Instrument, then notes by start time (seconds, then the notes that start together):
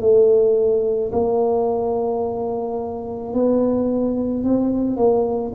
tuba
0.00 A3
1.12 A#3
3.33 B3
4.43 C4
4.96 A#3